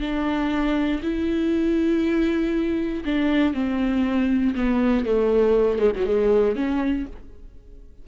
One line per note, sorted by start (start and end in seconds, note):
0.00 1.01 D4
1.02 3.04 E4
3.05 3.54 D4
3.54 4.55 C4
4.55 5.05 B3
5.05 5.79 A3
5.79 5.92 G#3
5.96 6.05 F#3
6.05 6.56 G#3
6.56 7.06 C#4